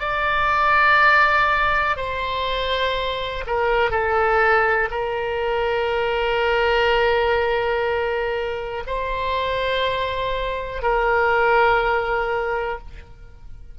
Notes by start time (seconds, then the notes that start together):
0.00 D5
1.97 C5
3.47 A#4
3.91 A4
4.90 A#4
8.87 C5
10.82 A#4